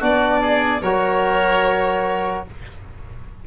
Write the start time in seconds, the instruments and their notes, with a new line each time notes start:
0.00 tuba B3, trombone D4, oboe F#4, violin D5
0.42 oboe G#4
0.82 tuba F#3, trombone F#4, oboe A#4, violin C#5